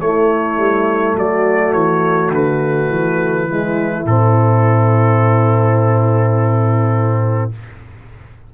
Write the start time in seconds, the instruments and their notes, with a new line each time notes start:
0.00 tuba A3, trombone A3, horn E4, trumpet C#5
0.57 tuba G3
1.15 tuba F#3, horn F#4, trumpet D5
1.73 tuba E3, trumpet C#5
2.29 tuba D3, trumpet B4
2.90 tuba E3
3.48 trombone G#3, horn E4
4.05 tuba A2, trombone C4, trumpet A4